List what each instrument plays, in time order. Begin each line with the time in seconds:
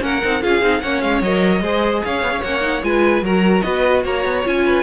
0.00 cello A#3, viola C#4, violin A#4 F#5
0.24 cello C4, viola D#4
0.42 cello C#4, viola F4, violin G#4 F5
0.62 cello C4, viola D#4
0.81 cello A#3, viola C#4, violin C#5 F#5
1.02 cello G#3, violin F5
1.22 cello F#3, viola A#4, violin D#5
1.61 cello G#3, viola G#4, violin C5
2.05 cello C#4, violin C#5 F5
2.23 cello B3
2.31 cello C#4
2.43 cello A#3, viola C#4, violin F#5
2.61 viola D#4
2.83 cello G#3, viola F4, violin B4 G#5
3.22 cello F#3, viola F#4, violin A#4 A#5
3.62 cello B3, violin B4 D#5
4.03 cello A#3, violin C#5 A#5
4.25 cello B3
4.45 cello C#4, viola F4, violin G#5
4.66 violin B4